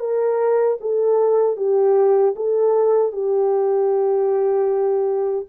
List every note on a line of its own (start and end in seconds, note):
0.00 0.78 A#4
0.80 1.57 A4
1.57 2.35 G4
2.36 3.12 A4
3.12 5.46 G4